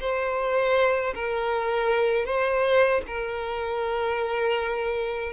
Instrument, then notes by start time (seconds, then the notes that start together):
violin
0.00 C5
1.15 A#4
2.25 C5
3.07 A#4